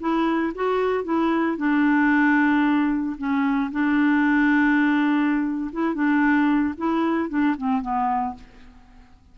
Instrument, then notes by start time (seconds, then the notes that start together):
clarinet
0.00 E4
0.55 F#4
1.04 E4
1.57 D4
3.18 C#4
3.72 D4
5.72 E4
5.95 D4
6.77 E4
7.29 D4
7.57 C4
7.82 B3